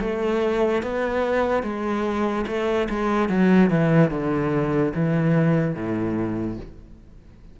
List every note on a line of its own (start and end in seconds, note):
0.00 0.82 A3
0.82 1.63 B3
1.63 2.45 G#3
2.47 2.88 A3
2.89 3.28 G#3
3.28 3.69 F#3
3.70 4.10 E3
4.10 4.92 D3
4.94 5.75 E3
5.75 6.57 A2